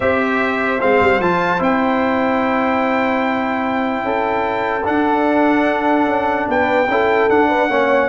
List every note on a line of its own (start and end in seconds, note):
0.00 0.81 C4
0.00 0.80 G4
0.00 4.05 C5
0.00 0.80 E5
0.80 1.01 G#3
0.80 1.20 C4
0.80 1.21 F5
1.01 1.20 G3
1.20 1.60 F3
1.20 1.58 F4
1.20 1.61 A5
1.58 4.03 C4
1.58 4.82 E4
1.58 4.86 G5
4.03 4.84 C#4
4.03 6.48 A4
4.84 6.87 D4
4.84 6.06 D4
4.84 6.48 F#5
6.06 6.46 C#4
6.48 6.87 B3
6.48 6.90 B4
6.48 7.29 G5
6.87 7.28 C#4
6.87 7.29 E4
6.87 7.49 A4
7.29 7.69 D4
7.29 8.09 F#5
7.49 7.69 B4
7.69 8.09 A#3
7.69 8.09 C#4
7.69 8.09 C#5